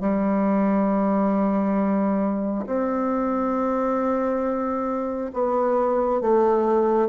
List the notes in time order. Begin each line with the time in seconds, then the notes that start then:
0.00 G3
2.66 C4
5.33 B3
6.20 A3